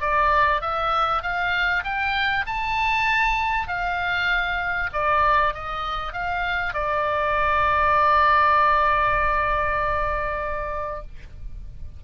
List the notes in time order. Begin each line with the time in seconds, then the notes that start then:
0.00 D5
0.61 E5
1.22 F5
1.84 G5
2.46 A5
3.67 F5
4.92 D5
5.54 D#5
6.12 F5
6.73 D5